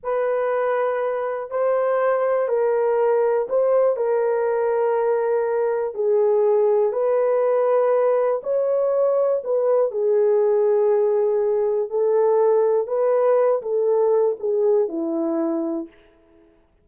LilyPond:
\new Staff \with { instrumentName = "horn" } { \time 4/4 \tempo 4 = 121 b'2. c''4~ | c''4 ais'2 c''4 | ais'1 | gis'2 b'2~ |
b'4 cis''2 b'4 | gis'1 | a'2 b'4. a'8~ | a'4 gis'4 e'2 | }